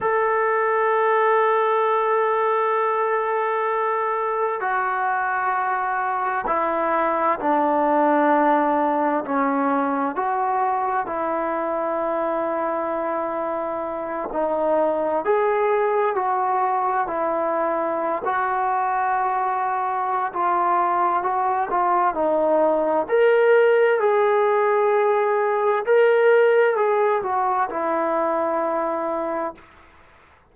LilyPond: \new Staff \with { instrumentName = "trombone" } { \time 4/4 \tempo 4 = 65 a'1~ | a'4 fis'2 e'4 | d'2 cis'4 fis'4 | e'2.~ e'8 dis'8~ |
dis'8 gis'4 fis'4 e'4~ e'16 fis'16~ | fis'2 f'4 fis'8 f'8 | dis'4 ais'4 gis'2 | ais'4 gis'8 fis'8 e'2 | }